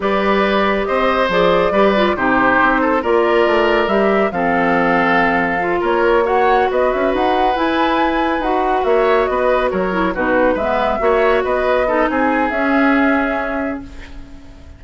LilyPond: <<
  \new Staff \with { instrumentName = "flute" } { \time 4/4 \tempo 4 = 139 d''2 dis''4 d''4~ | d''4 c''2 d''4~ | d''4 e''4 f''2~ | f''4. cis''4 fis''4 dis''8 |
e''8 fis''4 gis''2 fis''8~ | fis''8 e''4 dis''4 cis''4 b'8~ | b'8 e''2 dis''4. | gis''4 e''2. | }
  \new Staff \with { instrumentName = "oboe" } { \time 4/4 b'2 c''2 | b'4 g'4. a'8 ais'4~ | ais'2 a'2~ | a'4. ais'4 cis''4 b'8~ |
b'1~ | b'8 cis''4 b'4 ais'4 fis'8~ | fis'8 b'4 cis''4 b'4 a'8 | gis'1 | }
  \new Staff \with { instrumentName = "clarinet" } { \time 4/4 g'2. gis'4 | g'8 f'8 dis'2 f'4~ | f'4 g'4 c'2~ | c'4 f'4. fis'4.~ |
fis'4. e'2 fis'8~ | fis'2. e'8 dis'8~ | dis'8 b4 fis'2 dis'8~ | dis'4 cis'2. | }
  \new Staff \with { instrumentName = "bassoon" } { \time 4/4 g2 c'4 f4 | g4 c4 c'4 ais4 | a4 g4 f2~ | f4. ais2 b8 |
cis'8 dis'4 e'2 dis'8~ | dis'8 ais4 b4 fis4 b,8~ | b,8 gis4 ais4 b4. | c'4 cis'2. | }
>>